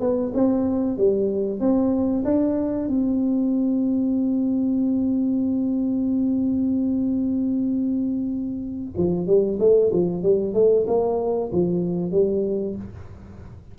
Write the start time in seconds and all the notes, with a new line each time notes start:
0.00 B3
0.34 C4
0.97 G3
1.60 C4
2.25 D4
2.88 C4
8.97 F3
9.26 G3
9.59 A3
9.92 F3
10.22 G3
10.53 A3
10.87 A#3
11.52 F3
12.11 G3